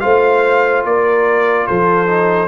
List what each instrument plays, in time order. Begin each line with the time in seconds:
0.00 tuba A3, trombone F4, horn C5, trumpet F5
0.85 tuba A#3, horn A#4, trumpet D5
1.67 tuba F3, horn A4, trumpet C5
2.07 trombone D#4